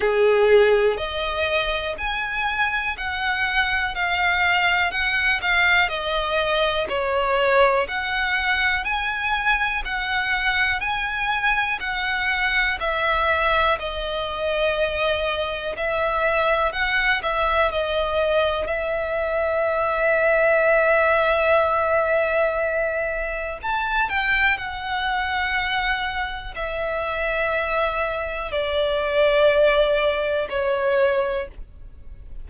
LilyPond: \new Staff \with { instrumentName = "violin" } { \time 4/4 \tempo 4 = 61 gis'4 dis''4 gis''4 fis''4 | f''4 fis''8 f''8 dis''4 cis''4 | fis''4 gis''4 fis''4 gis''4 | fis''4 e''4 dis''2 |
e''4 fis''8 e''8 dis''4 e''4~ | e''1 | a''8 g''8 fis''2 e''4~ | e''4 d''2 cis''4 | }